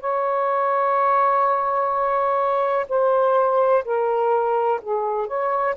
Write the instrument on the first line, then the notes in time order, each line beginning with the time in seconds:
saxophone
0.00 C#5
2.89 C5
3.84 A#4
4.81 G#4
5.27 C#5